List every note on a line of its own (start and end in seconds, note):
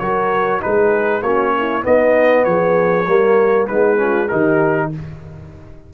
0.00 0.62 F#3
0.00 0.61 F#4
0.00 0.62 A#4
0.00 0.61 C#5
0.61 1.23 G#3
0.61 1.22 D#4
0.61 1.23 G#4
0.61 1.23 B4
1.23 1.84 A#3
1.23 1.83 C#4
1.23 1.53 F#4
1.23 1.84 C#5
1.58 1.83 E4
1.83 3.05 B3
1.83 2.46 B3
1.83 2.45 D#4
1.83 2.45 D#5
2.45 3.07 F3
2.45 3.09 G#4
2.45 3.67 C#5
3.07 3.69 G3
3.07 3.69 A#3
3.07 3.69 A#4
3.67 4.32 G#3
3.67 3.98 B3
3.67 3.99 D#4
3.67 4.29 B4
3.98 4.28 C#4
3.98 4.30 F4
4.29 4.94 D#3
4.29 4.93 D#4
4.29 4.91 G4
4.29 4.90 A#4